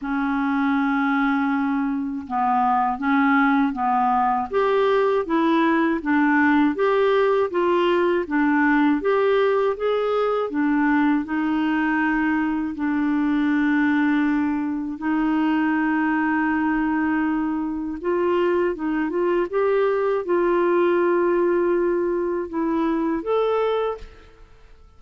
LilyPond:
\new Staff \with { instrumentName = "clarinet" } { \time 4/4 \tempo 4 = 80 cis'2. b4 | cis'4 b4 g'4 e'4 | d'4 g'4 f'4 d'4 | g'4 gis'4 d'4 dis'4~ |
dis'4 d'2. | dis'1 | f'4 dis'8 f'8 g'4 f'4~ | f'2 e'4 a'4 | }